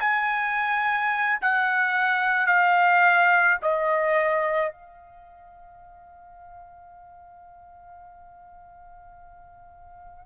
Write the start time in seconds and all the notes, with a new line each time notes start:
0.00 G#5
1.41 F#5
2.46 F5
3.62 D#5
4.72 F5